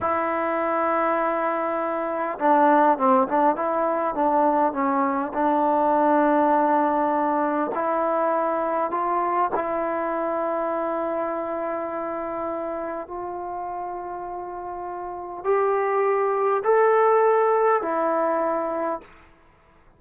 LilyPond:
\new Staff \with { instrumentName = "trombone" } { \time 4/4 \tempo 4 = 101 e'1 | d'4 c'8 d'8 e'4 d'4 | cis'4 d'2.~ | d'4 e'2 f'4 |
e'1~ | e'2 f'2~ | f'2 g'2 | a'2 e'2 | }